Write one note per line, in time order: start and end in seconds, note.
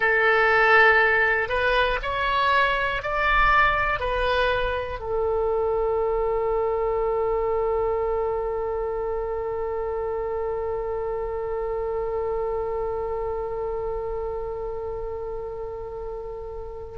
0.00 1.49 A4
1.49 1.99 B4
2.02 3.02 C#5
3.02 3.99 D5
3.99 4.99 B4
4.99 16.98 A4